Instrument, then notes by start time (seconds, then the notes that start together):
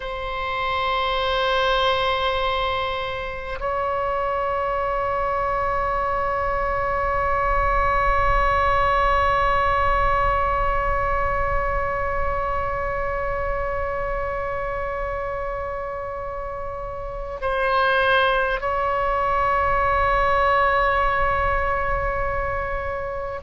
oboe
0.00 C5
3.59 C#5
17.41 C5
18.60 C#5